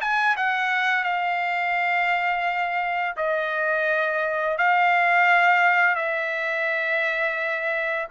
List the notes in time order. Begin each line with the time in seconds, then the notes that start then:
0.00 G#5
0.36 F#5
1.03 F5
3.16 D#5
4.58 F5
5.95 E5